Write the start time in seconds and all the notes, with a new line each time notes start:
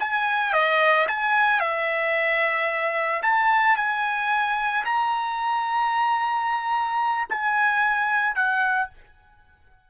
0.00 G#5
0.53 D#5
1.09 G#5
1.60 E5
3.23 A5
3.77 G#5
4.86 A#5
7.30 G#5
8.36 F#5